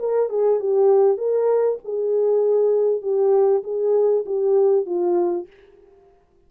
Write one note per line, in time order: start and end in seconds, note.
0.00 0.30 A#4
0.30 0.60 G#4
0.60 1.18 G4
1.18 1.79 A#4
1.85 3.03 G#4
3.03 3.64 G4
3.64 4.25 G#4
4.26 4.86 G4
4.86 5.47 F4